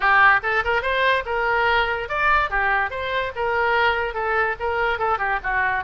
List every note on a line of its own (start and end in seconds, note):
0.00 0.40 G4
0.42 0.63 A4
0.64 0.81 A#4
0.81 1.23 C5
1.25 2.08 A#4
2.09 2.50 D5
2.50 2.90 G4
2.90 3.32 C5
3.35 4.13 A#4
4.13 4.55 A4
4.59 4.98 A#4
4.98 5.18 A4
5.18 5.39 G4
5.43 5.84 F#4